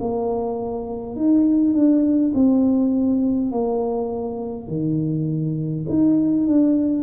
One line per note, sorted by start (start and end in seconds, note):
0.00 1.16 A#3
1.16 1.74 D#4
1.74 2.33 D4
2.34 3.51 C4
3.51 4.68 A#3
4.68 5.86 D#3
5.89 6.47 D#4
6.47 7.03 D4